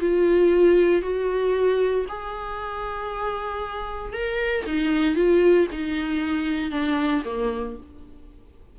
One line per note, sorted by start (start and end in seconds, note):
0.00 1.02 F4
1.02 2.05 F#4
2.09 4.13 G#4
4.13 4.65 A#4
4.66 5.15 D#4
5.15 5.67 F4
5.71 6.71 D#4
6.71 7.22 D4
7.25 7.76 A#3